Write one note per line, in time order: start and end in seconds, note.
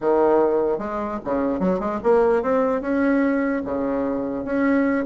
0.00 0.78 D#3
0.78 1.18 G#3
1.24 1.59 C#3
1.59 1.79 F#3
1.79 1.99 G#3
2.03 2.42 A#3
2.42 2.81 C4
2.81 3.61 C#4
3.64 4.44 C#3
4.44 5.05 C#4